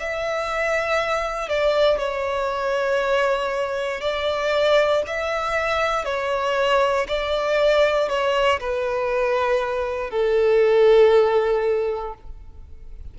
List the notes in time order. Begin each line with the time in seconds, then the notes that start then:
0.00 E5
1.49 D5
1.99 C#5
4.01 D5
5.07 E5
6.06 C#5
7.09 D5
8.09 C#5
8.60 B4
10.11 A4